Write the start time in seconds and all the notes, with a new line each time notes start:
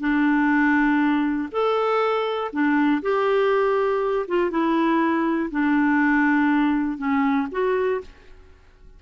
0.00 D4
1.51 A4
2.52 D4
3.02 G4
4.27 F4
4.50 E4
5.51 D4
6.98 C#4
7.51 F#4